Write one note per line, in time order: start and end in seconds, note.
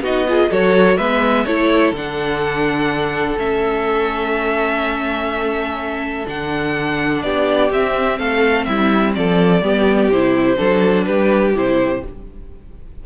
0.00 0.48 B3
0.00 0.27 D#4
0.00 0.27 F#4
0.00 0.52 D#5
0.27 0.50 F4
0.27 0.50 G#4
0.50 0.98 F#3
0.50 0.98 F#4
0.50 0.97 A4
0.50 0.97 C#5
0.97 1.46 G#3
0.97 1.47 B3
0.97 1.45 B4
0.97 1.45 E5
1.45 1.92 A3
1.45 1.95 E4
1.45 7.23 A4
1.45 1.93 C#5
1.92 3.35 D3
1.92 3.38 D4
1.92 3.39 F#5
3.38 6.26 A3
3.38 6.26 C#4
3.38 6.27 E5
6.27 7.23 D3
6.27 7.70 D4
6.27 7.23 F#5
7.23 7.71 B3
7.23 8.19 G4
7.23 7.71 D5
7.70 9.62 C4
7.70 8.19 C4
7.70 8.18 E5
8.18 8.67 A3
8.18 8.67 A4
8.18 8.64 F5
8.64 9.16 G3
8.64 9.16 E4
8.64 9.12 E5
9.15 9.62 F3
9.15 9.64 A4
9.15 10.11 D5
9.62 10.10 G3
9.62 10.12 B3
9.62 10.57 G4
10.10 10.58 C3
10.10 10.57 E4
10.10 11.05 C5
10.57 11.07 F#3
10.57 11.53 D4
10.57 11.05 A4
11.05 11.54 G3
11.05 12.03 G4
11.05 11.53 B4
11.54 12.02 C3
11.54 12.04 E4
11.54 12.05 C5